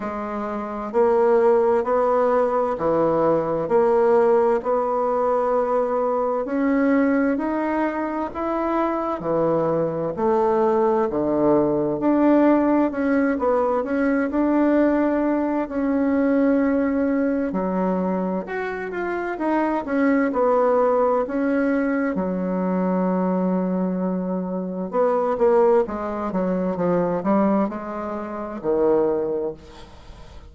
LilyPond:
\new Staff \with { instrumentName = "bassoon" } { \time 4/4 \tempo 4 = 65 gis4 ais4 b4 e4 | ais4 b2 cis'4 | dis'4 e'4 e4 a4 | d4 d'4 cis'8 b8 cis'8 d'8~ |
d'4 cis'2 fis4 | fis'8 f'8 dis'8 cis'8 b4 cis'4 | fis2. b8 ais8 | gis8 fis8 f8 g8 gis4 dis4 | }